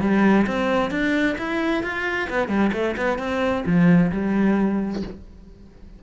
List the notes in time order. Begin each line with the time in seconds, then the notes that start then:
0.00 G3
0.46 C4
0.90 D4
1.38 E4
1.83 F4
2.29 B3
2.48 G3
2.73 A3
2.97 B3
3.18 C4
3.65 F3
4.11 G3